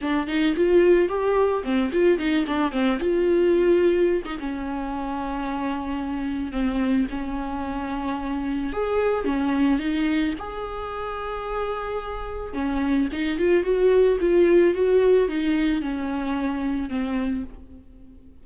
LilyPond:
\new Staff \with { instrumentName = "viola" } { \time 4/4 \tempo 4 = 110 d'8 dis'8 f'4 g'4 c'8 f'8 | dis'8 d'8 c'8 f'2~ f'16 dis'16 | cis'1 | c'4 cis'2. |
gis'4 cis'4 dis'4 gis'4~ | gis'2. cis'4 | dis'8 f'8 fis'4 f'4 fis'4 | dis'4 cis'2 c'4 | }